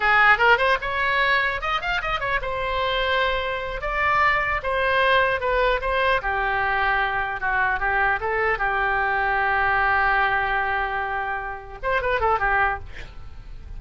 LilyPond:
\new Staff \with { instrumentName = "oboe" } { \time 4/4 \tempo 4 = 150 gis'4 ais'8 c''8 cis''2 | dis''8 f''8 dis''8 cis''8 c''2~ | c''4. d''2 c''8~ | c''4. b'4 c''4 g'8~ |
g'2~ g'8 fis'4 g'8~ | g'8 a'4 g'2~ g'8~ | g'1~ | g'4. c''8 b'8 a'8 g'4 | }